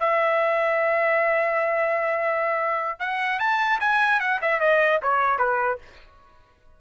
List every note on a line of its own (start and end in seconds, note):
0.00 3.00 E5
3.00 3.39 F#5
3.39 3.79 A5
3.80 4.20 G#5
4.21 4.41 F#5
4.42 4.60 E5
4.60 5.00 D#5
5.03 5.39 C#5
5.39 5.79 B4